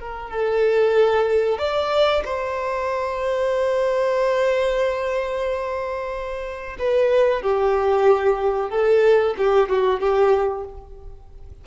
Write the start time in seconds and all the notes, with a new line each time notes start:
0.00 A#4
0.30 A4
1.58 D5
2.25 C5
6.79 B4
7.42 G4
8.70 A4
9.38 G4
9.69 F#4
10.00 G4